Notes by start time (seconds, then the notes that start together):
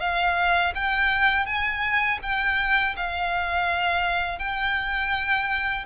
0.00 F5
0.75 G5
1.46 G#5
2.23 G5
2.96 F5
4.39 G5